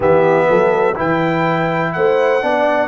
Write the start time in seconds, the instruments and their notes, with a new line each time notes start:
0.00 tuba E3, trombone B3, horn G4, trumpet E5
0.49 tuba F#3, horn A4
0.95 tuba E3, trombone E4, horn B4, trumpet G5
1.93 tuba A3, horn C5, trumpet F#5
2.42 tuba B3, trombone D4, horn D5